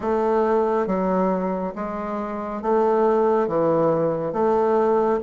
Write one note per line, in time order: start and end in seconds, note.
0.00 0.87 A3
0.87 1.74 F#3
1.75 2.62 G#3
2.62 3.47 A3
3.47 4.32 E3
4.32 5.19 A3